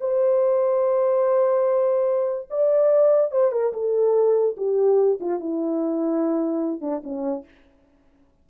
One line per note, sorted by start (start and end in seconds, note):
0.00 2.48 C5
2.50 3.31 D5
3.31 3.52 C5
3.52 3.72 A#4
3.73 4.56 A4
4.56 5.19 G4
5.20 5.40 F4
5.40 6.81 E4
6.81 7.01 D4
7.03 7.44 C#4